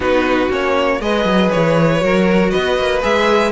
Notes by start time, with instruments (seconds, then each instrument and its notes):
0.00 cello B3, viola D#4, violin F#4 B4
0.49 cello A#3, viola C#4, violin C#5
1.00 cello G#3, viola G#4, violin B4 D#5
1.25 cello F#3
1.51 cello E3, violin C#5
2.00 cello F#3, viola F#4, violin A#4
2.49 cello B3, violin B4 D#5
2.78 cello A#3
3.01 cello G#3, viola G#4, violin E5